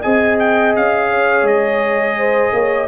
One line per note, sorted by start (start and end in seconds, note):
0.00 0.77 C4
0.00 2.88 G#4
0.00 1.07 D#5
0.00 0.38 G#5
0.39 0.75 G5
0.76 1.43 C#4
0.76 1.47 F5
1.10 2.17 C#5
1.43 2.50 G#3
1.43 2.88 D#5
2.17 2.53 C5
2.53 2.88 A#3
2.53 2.88 C#5